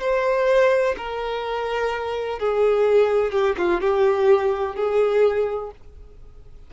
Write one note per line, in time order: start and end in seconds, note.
0.00 0.95 C5
0.97 2.39 A#4
2.39 3.32 G#4
3.32 3.55 G4
3.58 3.81 F4
3.81 4.75 G4
4.75 5.71 G#4